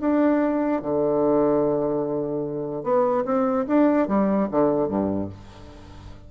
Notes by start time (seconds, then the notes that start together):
0.00 D4
0.81 D3
2.83 B3
3.25 C4
3.67 D4
4.07 G3
4.51 D3
4.88 G2